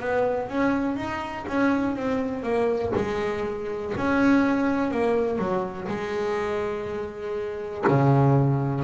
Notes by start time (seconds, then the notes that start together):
0.00 B3
0.49 C#4
0.96 D#4
1.48 C#4
1.96 C4
2.43 A#3
2.96 G#3
3.97 C#4
4.91 A#3
5.38 F#3
5.88 G#3
7.88 C#3